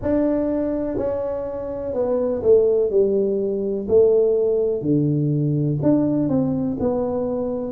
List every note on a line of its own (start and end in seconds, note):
0.01 0.97 D4
0.97 1.93 C#4
1.93 2.41 B3
2.42 2.90 A3
2.90 3.87 G3
3.88 4.81 A3
4.81 5.78 D3
5.82 6.28 D4
6.28 6.77 C4
6.79 7.72 B3